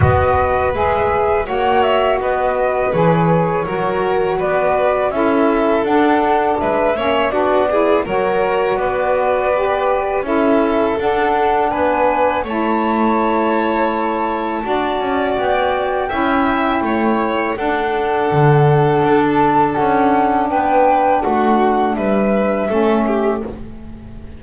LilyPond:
<<
  \new Staff \with { instrumentName = "flute" } { \time 4/4 \tempo 4 = 82 dis''4 e''4 fis''8 e''8 dis''4 | cis''2 d''4 e''4 | fis''4 e''4 d''4 cis''4 | d''2 e''4 fis''4 |
gis''4 a''2.~ | a''4 g''2. | fis''2~ fis''16 a''8. fis''4 | g''4 fis''4 e''2 | }
  \new Staff \with { instrumentName = "violin" } { \time 4/4 b'2 cis''4 b'4~ | b'4 ais'4 b'4 a'4~ | a'4 b'8 cis''8 fis'8 gis'8 ais'4 | b'2 a'2 |
b'4 cis''2. | d''2 e''4 cis''4 | a'1 | b'4 fis'4 b'4 a'8 g'8 | }
  \new Staff \with { instrumentName = "saxophone" } { \time 4/4 fis'4 gis'4 fis'2 | gis'4 fis'2 e'4 | d'4. cis'8 d'8 e'8 fis'4~ | fis'4 g'4 e'4 d'4~ |
d'4 e'2. | fis'2 e'2 | d'1~ | d'2. cis'4 | }
  \new Staff \with { instrumentName = "double bass" } { \time 4/4 b4 gis4 ais4 b4 | e4 fis4 b4 cis'4 | d'4 gis8 ais8 b4 fis4 | b2 cis'4 d'4 |
b4 a2. | d'8 cis'8 b4 cis'4 a4 | d'4 d4 d'4 cis'4 | b4 a4 g4 a4 | }
>>